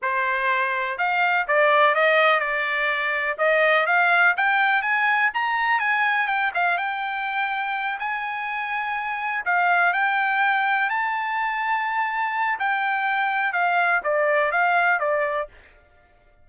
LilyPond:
\new Staff \with { instrumentName = "trumpet" } { \time 4/4 \tempo 4 = 124 c''2 f''4 d''4 | dis''4 d''2 dis''4 | f''4 g''4 gis''4 ais''4 | gis''4 g''8 f''8 g''2~ |
g''8 gis''2. f''8~ | f''8 g''2 a''4.~ | a''2 g''2 | f''4 d''4 f''4 d''4 | }